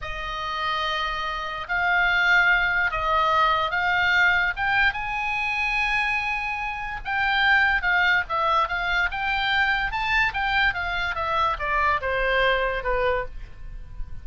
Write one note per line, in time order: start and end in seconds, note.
0.01 1.67 D#5
1.68 2.91 F5
2.91 3.71 D#5
3.71 4.53 F5
4.56 4.93 G5
4.93 7.00 G#5
7.04 7.82 G5
7.82 8.23 F5
8.29 8.68 E5
8.68 9.09 F5
9.11 9.91 G5
9.91 10.33 A5
10.33 10.73 G5
10.73 11.15 F5
11.15 11.56 E5
11.59 12.00 D5
12.01 12.83 C5
12.83 13.25 B4